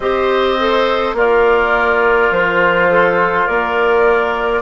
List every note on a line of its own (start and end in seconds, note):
0.00 1.12 C4
0.00 0.59 G4
0.00 1.16 C5
0.00 1.15 D#5
0.59 1.17 A4
1.13 2.29 A#3
1.13 4.61 F4
1.13 2.90 A#4
1.13 2.32 D5
2.31 3.46 F3
2.31 3.47 C5
2.90 3.45 A4
3.45 4.61 A#3
3.45 4.61 A#4
3.45 4.61 D5